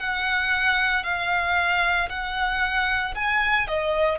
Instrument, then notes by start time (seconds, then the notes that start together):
violin
0.00 F#5
1.04 F5
2.10 F#5
3.15 G#5
3.68 D#5